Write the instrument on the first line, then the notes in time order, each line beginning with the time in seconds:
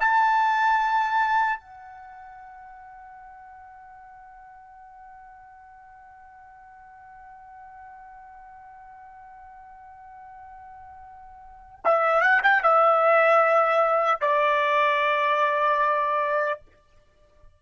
trumpet
0.00 A5
1.60 F#5
11.84 E5
12.21 F#5
12.43 G5
12.63 E5
14.21 D5